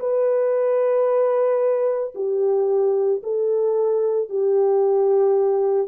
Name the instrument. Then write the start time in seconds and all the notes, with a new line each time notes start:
horn
0.00 B4
2.15 G4
3.24 A4
4.30 G4